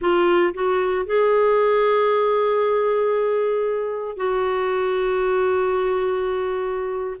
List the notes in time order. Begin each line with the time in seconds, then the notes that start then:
0.01 F4
0.54 F#4
1.06 G#4
4.16 F#4